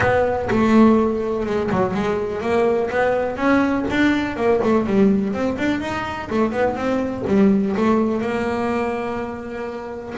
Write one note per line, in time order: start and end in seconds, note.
0.00 0.48 B3
0.50 1.46 A3
1.46 1.70 G#3
1.71 1.94 F#3
1.94 2.41 G#3
2.41 2.89 A#3
2.90 3.37 B3
3.37 3.85 C#4
3.90 4.36 D4
4.36 4.60 A#3
4.63 4.86 A3
4.86 5.33 G3
5.33 5.57 C4
5.58 5.80 D4
5.80 6.28 D#4
6.30 6.52 A3
6.52 6.75 B3
6.75 7.24 C4
7.27 7.75 G3
7.76 8.21 A3
8.21 10.14 A#3